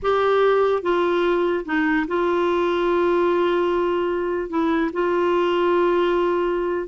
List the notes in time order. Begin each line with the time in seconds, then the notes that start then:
0.02 G4
0.82 F4
1.65 D#4
2.07 F4
4.49 E4
4.93 F4